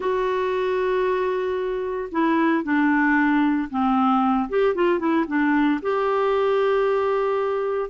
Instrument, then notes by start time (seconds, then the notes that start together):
clarinet
0.00 F#4
2.11 E4
2.63 D4
3.70 C4
4.49 G4
4.74 F4
4.99 E4
5.27 D4
5.82 G4